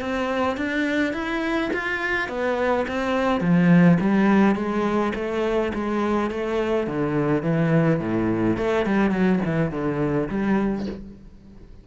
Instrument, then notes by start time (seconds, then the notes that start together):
cello
0.00 C4
0.57 D4
1.13 E4
1.73 F4
2.28 B3
2.88 C4
3.40 F3
4.00 G3
4.55 G#3
5.15 A3
5.74 G#3
6.30 A3
6.86 D3
7.42 E3
7.99 A2
8.57 A3
8.86 G3
9.10 F#3
9.45 E3
9.71 D3
10.29 G3